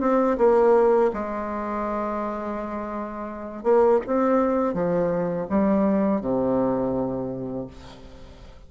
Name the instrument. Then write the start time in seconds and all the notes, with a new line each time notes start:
bassoon
0.00 C4
0.38 A#3
1.13 G#3
3.63 A#3
4.06 C4
4.74 F3
5.49 G3
6.21 C3